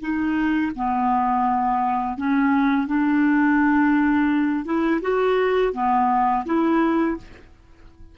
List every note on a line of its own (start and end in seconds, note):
0.00 0.71 D#4
0.75 2.17 B3
2.17 2.87 C#4
2.87 4.65 D4
4.65 5.00 E4
5.01 5.73 F#4
5.73 6.44 B3
6.45 7.17 E4